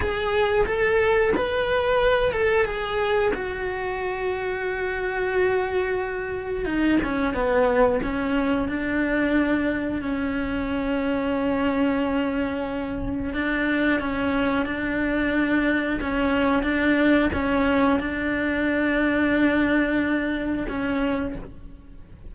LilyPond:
\new Staff \with { instrumentName = "cello" } { \time 4/4 \tempo 4 = 90 gis'4 a'4 b'4. a'8 | gis'4 fis'2.~ | fis'2 dis'8 cis'8 b4 | cis'4 d'2 cis'4~ |
cis'1 | d'4 cis'4 d'2 | cis'4 d'4 cis'4 d'4~ | d'2. cis'4 | }